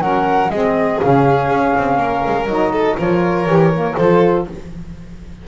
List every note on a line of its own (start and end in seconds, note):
0.00 0.49 F#3
0.00 0.51 C#4
0.00 0.52 A#4
0.00 0.50 F#5
0.50 0.99 G#3
0.50 1.02 C4
0.50 1.99 G#4
0.50 0.99 D#5
1.01 1.49 C#3
1.01 2.49 C#4
1.01 2.47 F5
1.49 1.73 C#4
1.78 1.97 C4
1.97 2.22 A#3
1.97 2.72 A#4
2.26 2.46 G#3
2.46 2.95 F#3
2.46 2.98 D#4
2.46 2.97 D#5
2.72 2.97 A4
2.98 3.46 F3
2.98 3.47 F4
2.98 3.96 A#4
2.98 3.97 C#5
3.46 3.95 E3
3.46 3.72 G4
3.73 3.97 A#3
3.96 4.48 F3
3.96 4.48 F4
3.96 4.45 A4
3.96 4.46 C5